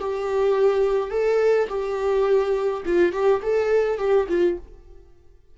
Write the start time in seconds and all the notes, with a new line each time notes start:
0.00 G4
1.11 A4
1.69 G4
2.86 F4
3.12 G4
3.43 A4
3.98 G4
4.29 F4